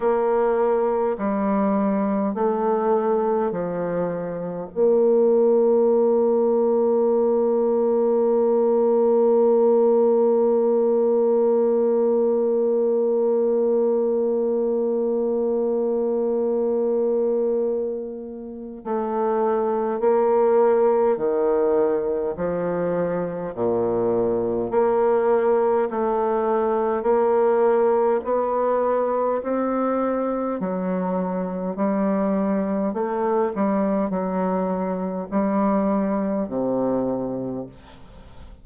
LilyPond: \new Staff \with { instrumentName = "bassoon" } { \time 4/4 \tempo 4 = 51 ais4 g4 a4 f4 | ais1~ | ais1~ | ais1 |
a4 ais4 dis4 f4 | ais,4 ais4 a4 ais4 | b4 c'4 fis4 g4 | a8 g8 fis4 g4 c4 | }